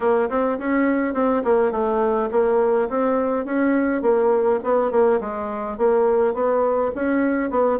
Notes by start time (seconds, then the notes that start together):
0.00 A#3
0.29 C4
0.58 C#4
1.14 C4
1.44 A#3
1.71 A3
2.31 A#3
2.89 C4
3.45 C#4
4.01 A#3
4.63 B3
4.91 A#3
5.20 G#3
5.77 A#3
6.34 B3
6.95 C#4
7.50 B3